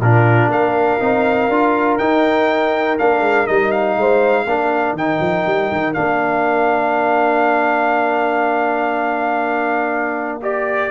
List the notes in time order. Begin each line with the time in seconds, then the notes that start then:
0.00 A#2 D4 F4 A#4
0.47 A#3 A#4 F5
1.00 C4 D#4
1.49 D4 F4
1.98 D#4 G5
2.99 A#3 D4 F5
3.21 G#3
3.47 G3 D#4 D#5
3.72 F5
3.97 G#3 C5
4.46 A#3 D4 A#4
4.93 D#3 D#4 G5
5.20 F3
5.47 G3
5.72 D#3
5.94 A#3 D4 F5
10.42 G4 D5